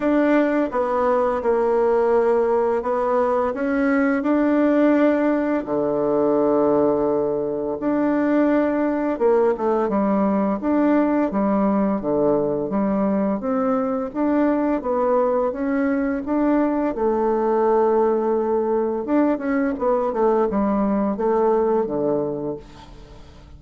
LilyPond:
\new Staff \with { instrumentName = "bassoon" } { \time 4/4 \tempo 4 = 85 d'4 b4 ais2 | b4 cis'4 d'2 | d2. d'4~ | d'4 ais8 a8 g4 d'4 |
g4 d4 g4 c'4 | d'4 b4 cis'4 d'4 | a2. d'8 cis'8 | b8 a8 g4 a4 d4 | }